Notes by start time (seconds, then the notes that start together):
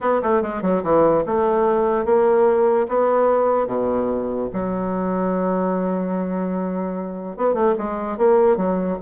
0.01 B3
0.22 A3
0.42 G#3
0.62 F#3
0.83 E3
1.26 A3
2.05 A#3
2.88 B3
3.67 B2
4.53 F#3
7.36 B3
7.54 A3
7.78 G#3
8.17 A#3
8.56 F#3